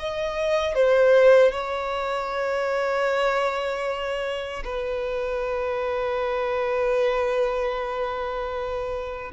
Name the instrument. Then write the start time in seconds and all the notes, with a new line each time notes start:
violin
0.00 D#5
0.75 C5
1.52 C#5
4.65 B4